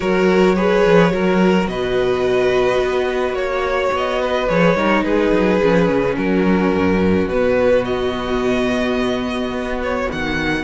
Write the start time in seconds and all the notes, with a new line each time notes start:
0.00 F#3 F#4 A#4 C#5
0.56 G#4 B4
0.85 F3
1.11 F#3 F#4 A#4
1.67 B2 B4 D#5
2.78 B3
3.33 A#3 C#5
3.92 B3 D#5
4.21 B4
4.48 F3 G#4 C#5
4.74 G3 D#4 A#4
5.03 G#3 G#4 B4
5.32 F#3
5.62 F3 C#4
5.89 C#3
6.16 F#3 F#4 A#4
6.74 F#2
7.27 B2 B3 B4
7.85 D#5
9.50 B3
9.83 C#5
10.12 D#3 F#5